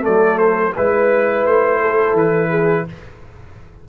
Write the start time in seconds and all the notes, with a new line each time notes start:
0.00 A3 A4 D5
0.06 F#3
0.38 C5
0.76 G#3 E4 B4
1.46 A3 C5
1.81 A4
2.13 E3 B4
2.50 G#4